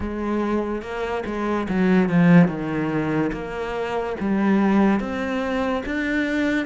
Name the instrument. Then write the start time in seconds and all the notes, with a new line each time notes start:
cello
0.00 G#3
0.81 A#3
1.25 G#3
1.69 F#3
2.09 F3
2.48 D#3
3.32 A#3
4.20 G3
5.00 C4
5.85 D4